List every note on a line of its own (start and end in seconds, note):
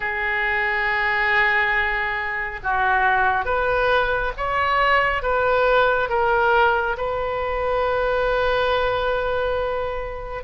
0.00 2.59 G#4
2.63 3.45 F#4
3.45 4.32 B4
4.37 5.22 C#5
5.22 6.09 B4
6.09 6.96 A#4
6.97 10.43 B4